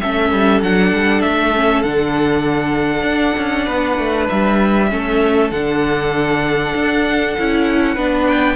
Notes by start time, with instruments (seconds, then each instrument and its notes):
0.00 cello A3, viola C#4, violin A4 E5
0.32 cello G3
0.62 cello F#3, viola D4, violin F#5
0.93 cello G3
1.21 cello A3, violin E5
1.55 viola C#4
1.83 cello D3, viola D4, violin F#5
3.03 cello D4
3.37 cello C#4
3.65 cello B3, violin B4
3.98 cello A3
4.29 cello G3, violin E5
4.89 cello A3, viola C#4, violin A4
5.51 cello D3, viola D4, violin F#5
6.75 cello D4
7.38 cello C#4, viola E4
7.95 cello B3, viola D4, violin B4
8.27 violin G5